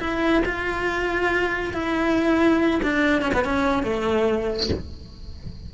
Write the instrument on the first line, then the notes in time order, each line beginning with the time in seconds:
cello
0.00 E4
0.45 F4
1.74 E4
2.83 D4
3.22 C#4
3.34 B3
3.44 C#4
3.83 A3